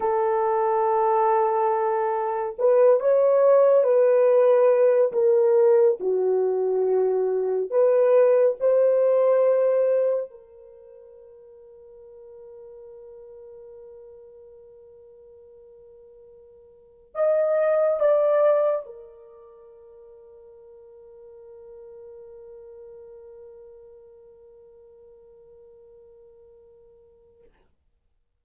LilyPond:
\new Staff \with { instrumentName = "horn" } { \time 4/4 \tempo 4 = 70 a'2. b'8 cis''8~ | cis''8 b'4. ais'4 fis'4~ | fis'4 b'4 c''2 | ais'1~ |
ais'1 | dis''4 d''4 ais'2~ | ais'1~ | ais'1 | }